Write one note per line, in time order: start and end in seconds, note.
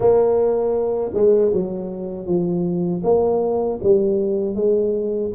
0.00 1.12 A#3
1.14 1.52 G#3
1.53 2.26 F#3
2.26 3.02 F3
3.03 3.79 A#3
3.83 4.55 G3
4.55 5.31 G#3